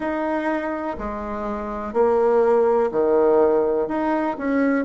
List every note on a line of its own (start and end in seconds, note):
0.00 0.97 D#4
0.98 1.93 G#3
1.93 2.90 A#3
2.91 3.88 D#3
3.88 4.36 D#4
4.38 4.85 C#4